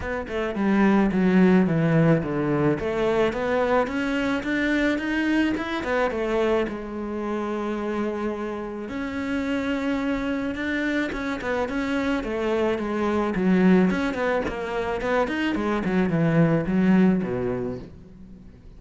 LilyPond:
\new Staff \with { instrumentName = "cello" } { \time 4/4 \tempo 4 = 108 b8 a8 g4 fis4 e4 | d4 a4 b4 cis'4 | d'4 dis'4 e'8 b8 a4 | gis1 |
cis'2. d'4 | cis'8 b8 cis'4 a4 gis4 | fis4 cis'8 b8 ais4 b8 dis'8 | gis8 fis8 e4 fis4 b,4 | }